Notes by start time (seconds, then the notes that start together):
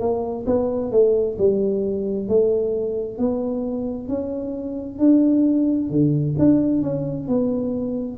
0.00 A#3
0.47 B3
0.92 A3
1.39 G3
2.29 A3
3.19 B3
4.09 C#4
4.99 D4
5.90 D3
6.39 D4
6.83 C#4
7.28 B3